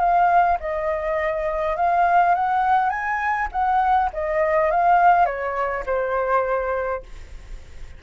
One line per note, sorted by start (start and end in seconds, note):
0.00 0.58 F5
0.60 1.76 D#5
1.77 2.35 F5
2.35 2.90 F#5
2.90 3.48 G#5
3.52 4.10 F#5
4.13 4.71 D#5
4.71 5.26 F5
5.26 5.84 C#5
5.86 7.03 C5